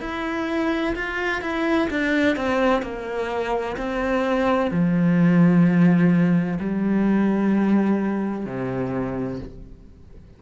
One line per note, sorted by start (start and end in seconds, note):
0.00 0.94 E4
0.95 1.41 F4
1.41 1.88 E4
1.90 2.36 D4
2.36 2.82 C4
2.82 3.76 A#3
3.77 4.70 C4
4.71 6.58 F3
6.60 8.45 G3
8.45 9.39 C3